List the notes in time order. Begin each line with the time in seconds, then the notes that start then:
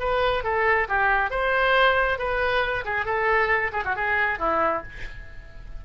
0.00 B4
0.44 A4
0.89 G4
1.31 C5
2.19 B4
2.85 G#4
3.06 A4
3.73 G#4
3.85 F#4
3.96 G#4
4.39 E4